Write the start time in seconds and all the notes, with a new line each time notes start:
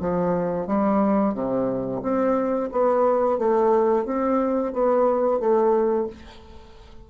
0.00 F3
0.67 G3
1.34 C3
2.03 C4
2.72 B3
3.39 A3
4.06 C4
4.73 B3
5.40 A3